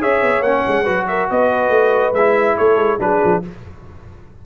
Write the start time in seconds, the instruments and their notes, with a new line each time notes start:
0.00 tuba C#4, trombone G#4, horn C#5, trumpet E5
0.22 tuba B3
0.41 tuba A#3, trombone C#4, trumpet F#5
0.67 tuba G#3
0.83 tuba F#3, trombone F#4, horn B4
1.07 horn A#4, trumpet E5
1.30 tuba B3, horn B4, trumpet D#5
1.69 tuba A3
2.13 tuba G#3, trombone E4, trumpet E5
2.57 tuba A3, horn A4, trumpet C#5
2.76 tuba G#3
2.99 tuba F#3, trombone D4, horn G#4, trumpet B4
3.24 tuba F3